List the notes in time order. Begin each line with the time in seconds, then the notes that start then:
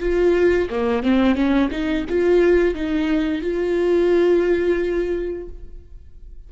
0.00 F4
0.71 A#3
1.03 C4
1.35 C#4
1.71 D#4
2.09 F4
2.75 D#4
3.42 F4